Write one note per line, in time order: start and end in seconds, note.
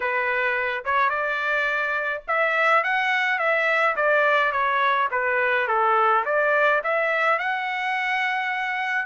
0.00 0.84 B4
0.84 1.09 C#5
1.09 2.22 D5
2.27 2.83 E5
2.83 3.38 F#5
3.38 3.95 E5
3.95 4.52 D5
4.52 5.08 C#5
5.11 5.67 B4
5.67 6.24 A4
6.25 6.82 D5
6.83 7.39 E5
7.39 9.05 F#5